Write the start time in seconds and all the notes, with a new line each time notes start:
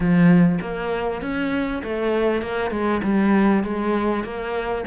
0.00 F3
0.61 A#3
1.21 C#4
1.83 A3
2.42 A#3
2.70 G#3
3.03 G3
3.63 G#3
4.23 A#3